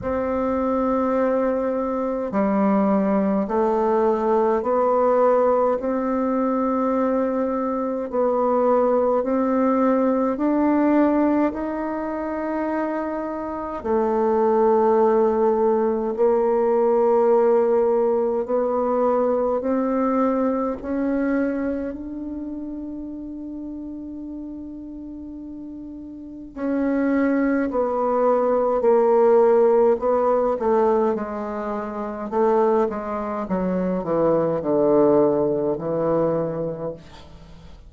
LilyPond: \new Staff \with { instrumentName = "bassoon" } { \time 4/4 \tempo 4 = 52 c'2 g4 a4 | b4 c'2 b4 | c'4 d'4 dis'2 | a2 ais2 |
b4 c'4 cis'4 d'4~ | d'2. cis'4 | b4 ais4 b8 a8 gis4 | a8 gis8 fis8 e8 d4 e4 | }